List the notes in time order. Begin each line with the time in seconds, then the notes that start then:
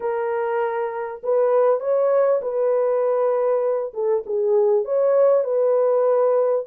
0.00 A#4
1.23 B4
1.80 C#5
2.41 B4
3.93 A4
4.26 G#4
4.84 C#5
5.44 B4